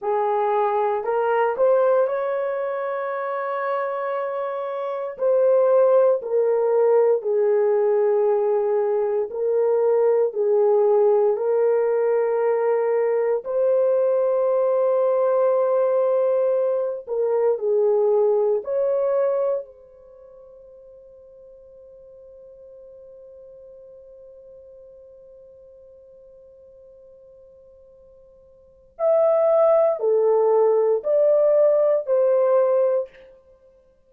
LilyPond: \new Staff \with { instrumentName = "horn" } { \time 4/4 \tempo 4 = 58 gis'4 ais'8 c''8 cis''2~ | cis''4 c''4 ais'4 gis'4~ | gis'4 ais'4 gis'4 ais'4~ | ais'4 c''2.~ |
c''8 ais'8 gis'4 cis''4 c''4~ | c''1~ | c''1 | e''4 a'4 d''4 c''4 | }